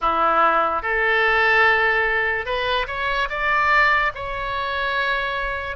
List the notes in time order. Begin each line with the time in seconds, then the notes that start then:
0.01 E4
0.82 A4
2.45 B4
2.87 C#5
3.29 D5
4.14 C#5